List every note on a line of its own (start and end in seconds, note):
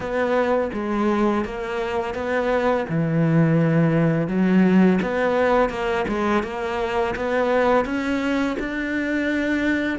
0.00 0.70 B3
0.73 1.44 G#3
1.44 2.14 A#3
2.14 2.85 B3
2.89 4.27 E3
4.27 4.99 F#3
5.02 5.69 B3
5.69 6.05 A#3
6.07 6.43 G#3
6.43 7.14 A#3
7.15 7.85 B3
7.85 8.56 C#4
8.59 9.98 D4